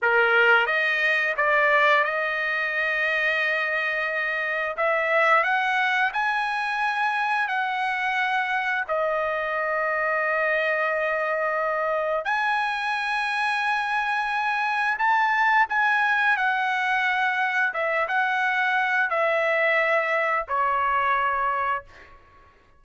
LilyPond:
\new Staff \with { instrumentName = "trumpet" } { \time 4/4 \tempo 4 = 88 ais'4 dis''4 d''4 dis''4~ | dis''2. e''4 | fis''4 gis''2 fis''4~ | fis''4 dis''2.~ |
dis''2 gis''2~ | gis''2 a''4 gis''4 | fis''2 e''8 fis''4. | e''2 cis''2 | }